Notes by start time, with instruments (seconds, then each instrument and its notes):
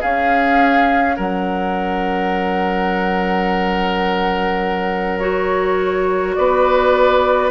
0.00 clarinet C#4, bassoon C#4, oboe G#4, flute F5
1.17 bassoon F#3, oboe A#4, flute F#5
5.19 clarinet F#4, flute C#5
6.35 bassoon B3, oboe B4, flute D5